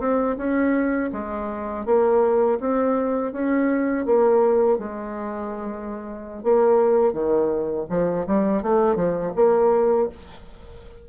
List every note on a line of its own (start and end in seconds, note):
0.00 0.37 C4
0.38 1.11 C#4
1.13 1.86 G#3
1.86 2.59 A#3
2.60 3.33 C4
3.33 4.06 C#4
4.06 4.79 A#3
4.79 6.43 G#3
6.43 7.13 A#3
7.13 7.86 D#3
7.90 8.26 F3
8.27 8.63 G3
8.63 8.96 A3
8.96 9.33 F3
9.36 10.09 A#3